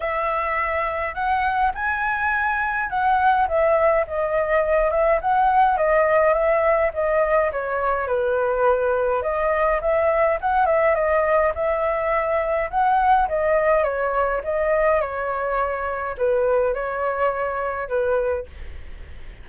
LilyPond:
\new Staff \with { instrumentName = "flute" } { \time 4/4 \tempo 4 = 104 e''2 fis''4 gis''4~ | gis''4 fis''4 e''4 dis''4~ | dis''8 e''8 fis''4 dis''4 e''4 | dis''4 cis''4 b'2 |
dis''4 e''4 fis''8 e''8 dis''4 | e''2 fis''4 dis''4 | cis''4 dis''4 cis''2 | b'4 cis''2 b'4 | }